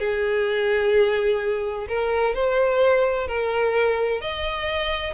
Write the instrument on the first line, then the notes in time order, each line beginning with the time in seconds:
violin
0.00 G#4
1.89 A#4
2.35 C5
3.28 A#4
4.21 D#5